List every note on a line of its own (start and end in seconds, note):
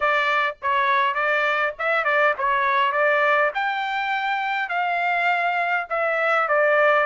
0.00 0.56 D5
0.61 1.14 C#5
1.14 1.73 D5
1.79 2.04 E5
2.04 2.34 D5
2.38 2.92 C#5
2.92 3.51 D5
3.54 4.69 G5
4.69 5.87 F5
5.89 6.48 E5
6.48 7.06 D5